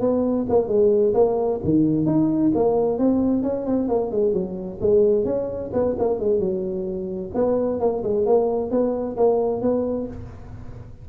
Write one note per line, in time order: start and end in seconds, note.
0.00 0.46 B3
0.49 0.68 A#3
0.68 1.13 G#3
1.14 1.60 A#3
1.64 2.06 D#3
2.06 2.51 D#4
2.55 2.98 A#3
2.98 3.43 C4
3.43 3.66 C#4
3.66 3.88 C4
3.88 4.11 A#3
4.11 4.33 G#3
4.33 4.79 F#3
4.81 5.25 G#3
5.25 5.70 C#4
5.73 5.96 B3
5.98 6.19 A#3
6.19 6.39 G#3
6.39 7.31 F#3
7.34 7.80 B3
7.80 8.03 A#3
8.03 8.26 G#3
8.26 8.70 A#3
8.70 9.16 B3
9.17 9.61 A#3
9.61 10.07 B3